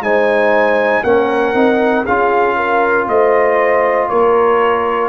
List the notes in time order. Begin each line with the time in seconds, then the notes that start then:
0.00 G#3 D#4 C5 G#5
1.03 A#3 C#4 A#4 F#5
1.54 C4 D#4
2.05 C#4 F4 G#4 F5
2.56 A#4
3.08 A3 C5 D#5
4.09 A#3 A#4 C#5